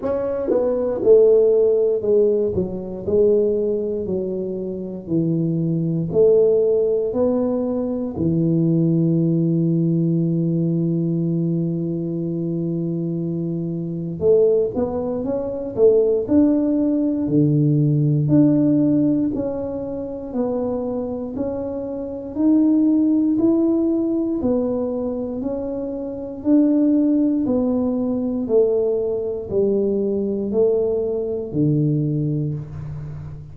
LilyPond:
\new Staff \with { instrumentName = "tuba" } { \time 4/4 \tempo 4 = 59 cis'8 b8 a4 gis8 fis8 gis4 | fis4 e4 a4 b4 | e1~ | e2 a8 b8 cis'8 a8 |
d'4 d4 d'4 cis'4 | b4 cis'4 dis'4 e'4 | b4 cis'4 d'4 b4 | a4 g4 a4 d4 | }